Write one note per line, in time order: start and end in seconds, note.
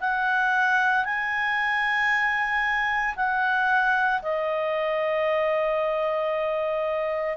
0.00 1.05 F#5
1.05 3.15 G#5
3.16 4.21 F#5
4.22 7.37 D#5